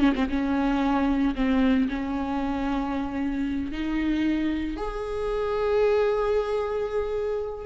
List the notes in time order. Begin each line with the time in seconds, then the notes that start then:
0.00 C#4
0.16 C4
0.30 C#4
1.35 C4
1.89 C#4
3.72 D#4
4.77 G#4